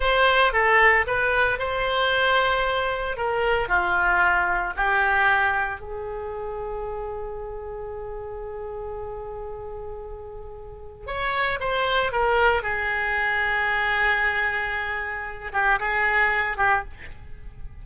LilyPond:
\new Staff \with { instrumentName = "oboe" } { \time 4/4 \tempo 4 = 114 c''4 a'4 b'4 c''4~ | c''2 ais'4 f'4~ | f'4 g'2 gis'4~ | gis'1~ |
gis'1~ | gis'4 cis''4 c''4 ais'4 | gis'1~ | gis'4. g'8 gis'4. g'8 | }